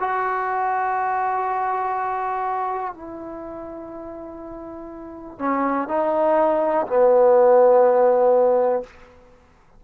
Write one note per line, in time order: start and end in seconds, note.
0.00 2.95 F#4
2.95 5.39 E4
5.39 5.88 C#4
5.88 6.87 D#4
6.87 8.84 B3